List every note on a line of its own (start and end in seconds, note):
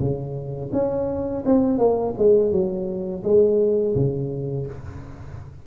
0.00 0.71 C#3
0.73 1.44 C#4
1.46 1.79 C4
1.79 2.14 A#3
2.18 2.52 G#3
2.52 3.23 F#3
3.24 3.95 G#3
3.96 4.67 C#3